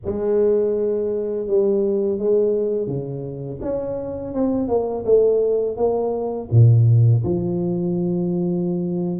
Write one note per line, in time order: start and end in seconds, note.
0.05 1.47 G#3
1.47 2.18 G3
2.18 2.87 G#3
2.87 3.59 C#3
3.61 4.34 C#4
4.34 4.68 C4
4.68 5.04 A#3
5.05 5.76 A3
5.76 6.49 A#3
6.51 7.23 A#2
7.24 9.19 F3